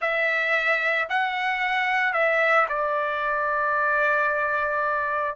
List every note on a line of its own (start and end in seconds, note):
0.00 1.08 E5
1.09 2.13 F#5
2.13 2.66 E5
2.68 5.36 D5